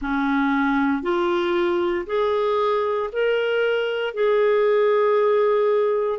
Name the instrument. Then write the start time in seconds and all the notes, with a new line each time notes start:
clarinet
0.01 C#4
1.02 F4
2.06 G#4
3.12 A#4
4.14 G#4